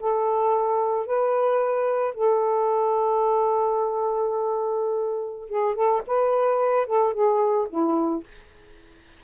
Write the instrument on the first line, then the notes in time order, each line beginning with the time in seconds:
saxophone
0.00 A4
1.06 B4
2.14 A4
5.49 G#4
5.75 A4
6.07 B4
6.87 A4
7.14 G#4
7.70 E4